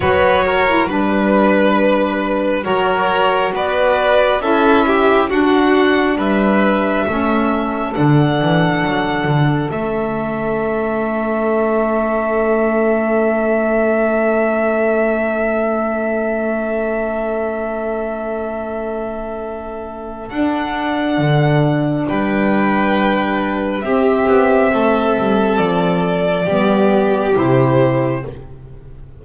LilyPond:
<<
  \new Staff \with { instrumentName = "violin" } { \time 4/4 \tempo 4 = 68 cis''4 b'2 cis''4 | d''4 e''4 fis''4 e''4~ | e''4 fis''2 e''4~ | e''1~ |
e''1~ | e''2. fis''4~ | fis''4 g''2 e''4~ | e''4 d''2 c''4 | }
  \new Staff \with { instrumentName = "violin" } { \time 4/4 b'8 ais'8 b'2 ais'4 | b'4 a'8 g'8 fis'4 b'4 | a'1~ | a'1~ |
a'1~ | a'1~ | a'4 b'2 g'4 | a'2 g'2 | }
  \new Staff \with { instrumentName = "saxophone" } { \time 4/4 fis'8. e'16 d'2 fis'4~ | fis'4 e'4 d'2 | cis'4 d'2 cis'4~ | cis'1~ |
cis'1~ | cis'2. d'4~ | d'2. c'4~ | c'2 b4 e'4 | }
  \new Staff \with { instrumentName = "double bass" } { \time 4/4 fis4 g2 fis4 | b4 cis'4 d'4 g4 | a4 d8 e8 fis8 d8 a4~ | a1~ |
a1~ | a2. d'4 | d4 g2 c'8 b8 | a8 g8 f4 g4 c4 | }
>>